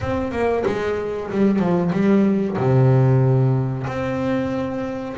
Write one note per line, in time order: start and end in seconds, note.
0.01 0.31 C4
0.31 0.63 A#3
0.66 1.30 G#3
1.30 1.59 G3
1.59 1.91 F3
1.92 2.56 G3
2.57 3.86 C3
3.87 5.16 C4